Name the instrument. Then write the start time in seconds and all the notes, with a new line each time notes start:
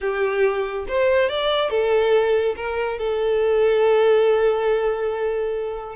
violin
0.00 G4
0.88 C5
1.29 D5
1.70 A4
2.55 A#4
2.98 A4